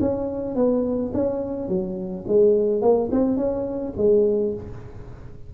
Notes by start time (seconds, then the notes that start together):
0.00 C#4
0.55 B3
1.13 C#4
1.68 F#3
2.27 G#3
2.81 A#3
3.11 C4
3.36 C#4
3.97 G#3